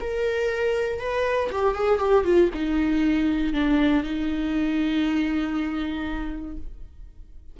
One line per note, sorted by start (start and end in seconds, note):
0.00 0.99 A#4
0.99 1.50 B4
1.51 1.74 G4
1.74 1.99 G#4
1.99 2.24 G4
2.24 2.50 F4
2.54 3.53 D#4
3.53 4.03 D4
4.03 6.57 D#4